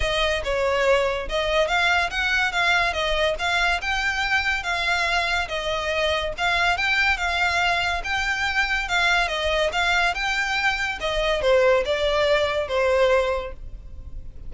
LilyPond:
\new Staff \with { instrumentName = "violin" } { \time 4/4 \tempo 4 = 142 dis''4 cis''2 dis''4 | f''4 fis''4 f''4 dis''4 | f''4 g''2 f''4~ | f''4 dis''2 f''4 |
g''4 f''2 g''4~ | g''4 f''4 dis''4 f''4 | g''2 dis''4 c''4 | d''2 c''2 | }